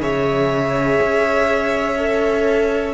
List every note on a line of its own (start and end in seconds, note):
0.00 1.00 C#3
0.00 1.97 G#4
0.00 2.94 C#5
0.00 2.94 E5
1.02 2.94 C#4
1.98 2.94 A4